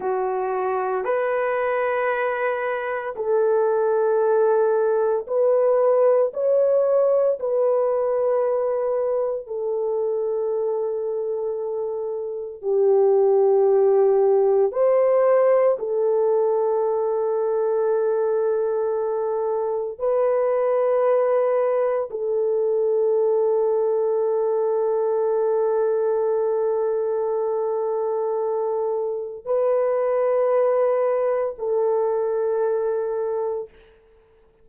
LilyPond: \new Staff \with { instrumentName = "horn" } { \time 4/4 \tempo 4 = 57 fis'4 b'2 a'4~ | a'4 b'4 cis''4 b'4~ | b'4 a'2. | g'2 c''4 a'4~ |
a'2. b'4~ | b'4 a'2.~ | a'1 | b'2 a'2 | }